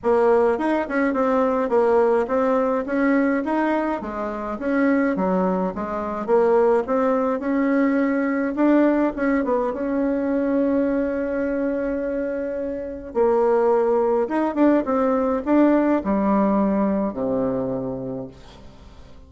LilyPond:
\new Staff \with { instrumentName = "bassoon" } { \time 4/4 \tempo 4 = 105 ais4 dis'8 cis'8 c'4 ais4 | c'4 cis'4 dis'4 gis4 | cis'4 fis4 gis4 ais4 | c'4 cis'2 d'4 |
cis'8 b8 cis'2.~ | cis'2. ais4~ | ais4 dis'8 d'8 c'4 d'4 | g2 c2 | }